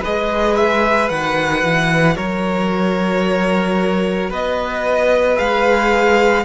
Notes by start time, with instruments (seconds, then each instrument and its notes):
0.00 cello G#3, viola G#4, violin B4 D#5
0.56 violin E5
1.07 cello D#3, viola F#4, violin F#5
1.63 cello E3
2.15 cello F#3, violin A#4 C#5
4.29 cello B3, violin B4 D#5
5.35 cello G#3, viola G#4, violin F5